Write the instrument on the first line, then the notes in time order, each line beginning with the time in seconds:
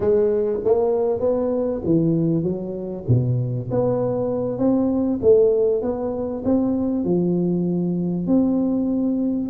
tuba
0.00 G#3
0.64 A#3
1.20 B3
1.84 E3
2.43 F#3
3.08 B2
3.70 B3
4.58 C4
5.22 A3
5.82 B3
6.45 C4
7.04 F3
8.27 C4